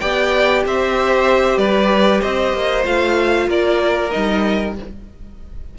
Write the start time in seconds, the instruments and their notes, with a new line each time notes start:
0.00 cello B3, viola G4, violin D5 G5
0.66 cello C4, violin C5 E5
1.57 cello G3, violin B4 D5
2.22 cello C4, violin C5 D#5
2.53 cello A#3
2.84 cello A3, viola F4, violin F5
3.47 cello A#3, violin A#4 D5
4.11 cello G3, viola D#4, violin D#5